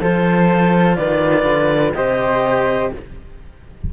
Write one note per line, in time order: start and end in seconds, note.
0.00 0.97 F3
0.00 1.95 F4
0.00 0.97 A4
0.00 0.96 C5
0.96 1.45 D#3
0.96 1.95 B4
0.96 1.93 D5
1.45 1.93 D3
1.94 2.93 C3
1.94 2.92 G4
1.94 2.94 C5
1.94 2.91 D#5